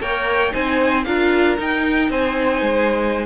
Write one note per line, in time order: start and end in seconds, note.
0.00 0.52 A#3
0.00 0.51 A#4
0.00 0.53 C#5
0.00 0.53 G5
0.51 1.06 C4
0.51 1.03 D#4
0.51 1.05 C5
0.51 1.04 G#5
1.04 1.58 D4
1.04 1.57 F4
1.04 2.09 A#4
1.04 1.56 F5
1.57 3.26 D#4
1.57 2.09 D#4
1.57 2.11 G5
2.09 2.61 C4
2.09 3.26 C5
2.09 3.26 G#5
2.61 3.26 G#3